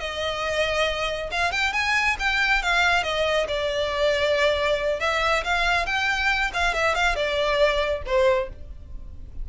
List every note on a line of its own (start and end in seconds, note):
0.00 1.30 D#5
1.31 1.52 F5
1.52 1.73 G5
1.73 2.16 G#5
2.19 2.62 G5
2.62 3.03 F5
3.03 3.47 D#5
3.48 5.00 D5
5.00 5.43 E5
5.44 5.86 F5
5.86 6.51 G5
6.54 6.74 F5
6.74 6.95 E5
6.95 7.15 F5
7.15 8.02 D5
8.06 8.49 C5